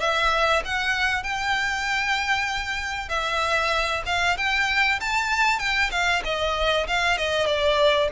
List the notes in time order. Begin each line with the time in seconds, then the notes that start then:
0.00 E5
0.65 F#5
1.24 G5
3.09 E5
4.07 F5
4.38 G5
5.01 A5
5.60 G5
5.91 F5
6.25 D#5
6.88 F5
7.18 D#5
7.47 D5